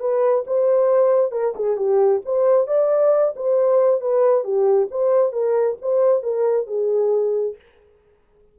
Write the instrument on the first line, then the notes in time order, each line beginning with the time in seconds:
horn
0.00 B4
0.47 C5
1.32 A#4
1.55 G#4
1.77 G4
2.25 C5
2.67 D5
3.36 C5
4.01 B4
4.44 G4
4.91 C5
5.32 A#4
5.81 C5
6.23 A#4
6.67 G#4